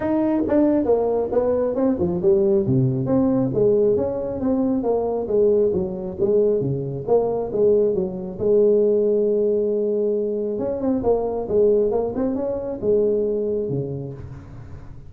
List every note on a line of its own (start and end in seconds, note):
0.00 0.43 D#4
0.47 0.84 D4
0.84 1.29 A#3
1.31 1.75 B3
1.75 1.97 C4
1.99 2.21 F3
2.21 2.66 G3
2.66 3.06 C3
3.06 3.50 C4
3.54 3.96 G#3
3.96 4.40 C#4
4.40 4.83 C4
4.83 5.27 A#3
5.27 5.71 G#3
5.73 6.17 F#3
6.20 6.60 G#3
6.60 7.04 C#3
7.07 7.51 A#3
7.52 7.94 G#3
7.94 8.38 F#3
8.38 10.58 G#3
10.58 10.80 C#4
10.80 11.03 C4
11.03 11.47 A#3
11.48 11.91 G#3
11.91 12.13 A#3
12.15 12.35 C4
12.35 12.79 C#4
12.81 13.69 G#3
13.69 14.13 C#3